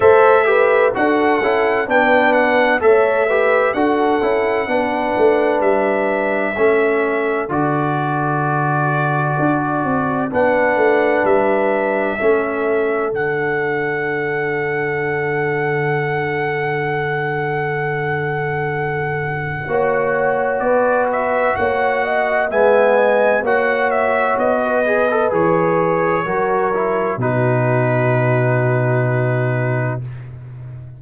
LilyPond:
<<
  \new Staff \with { instrumentName = "trumpet" } { \time 4/4 \tempo 4 = 64 e''4 fis''4 g''8 fis''8 e''4 | fis''2 e''2 | d''2. fis''4 | e''2 fis''2~ |
fis''1~ | fis''2 d''8 e''8 fis''4 | gis''4 fis''8 e''8 dis''4 cis''4~ | cis''4 b'2. | }
  \new Staff \with { instrumentName = "horn" } { \time 4/4 c''8 b'8 a'4 b'4 cis''8 b'8 | a'4 b'2 a'4~ | a'2. b'4~ | b'4 a'2.~ |
a'1~ | a'4 cis''4 b'4 cis''8 dis''8 | e''8 dis''8 cis''4~ cis''16 b'4.~ b'16 | ais'4 fis'2. | }
  \new Staff \with { instrumentName = "trombone" } { \time 4/4 a'8 g'8 fis'8 e'8 d'4 a'8 g'8 | fis'8 e'8 d'2 cis'4 | fis'2. d'4~ | d'4 cis'4 d'2~ |
d'1~ | d'4 fis'2. | b4 fis'4. gis'16 a'16 gis'4 | fis'8 e'8 dis'2. | }
  \new Staff \with { instrumentName = "tuba" } { \time 4/4 a4 d'8 cis'8 b4 a4 | d'8 cis'8 b8 a8 g4 a4 | d2 d'8 c'8 b8 a8 | g4 a4 d2~ |
d1~ | d4 ais4 b4 ais4 | gis4 ais4 b4 e4 | fis4 b,2. | }
>>